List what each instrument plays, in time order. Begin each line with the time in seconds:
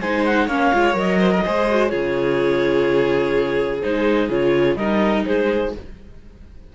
0.00 cello G#3, viola D#4, violin C5, clarinet G#5
0.25 clarinet F#5
0.46 cello A#3, viola C#4, violin C#5, clarinet F5
0.73 cello G#3, viola F4
0.93 cello F#3, viola A#4, clarinet D#5
1.19 violin C5
1.31 violin A#4
1.45 cello G#3, viola G#4, violin C5
1.69 viola F#4
1.87 cello C#3, viola F4, violin G#4, clarinet C#5
3.81 cello G#3, viola D#4, clarinet C5
4.29 cello C#3, viola F4, clarinet C#5
4.75 cello G3, viola D#4, violin A#4, clarinet D#5
5.25 cello G#3, violin G#4, clarinet C5